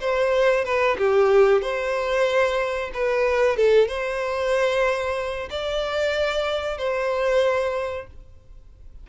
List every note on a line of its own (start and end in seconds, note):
0.00 0.65 C5
0.65 0.97 B4
0.98 1.62 G4
1.62 2.91 C5
2.94 3.57 B4
3.57 3.88 A4
3.88 5.49 C5
5.50 6.78 D5
6.78 8.07 C5